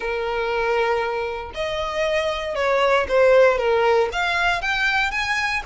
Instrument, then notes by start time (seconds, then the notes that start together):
violin
0.00 A#4
1.54 D#5
2.55 C#5
3.08 C5
3.58 A#4
4.12 F5
4.61 G5
5.11 G#5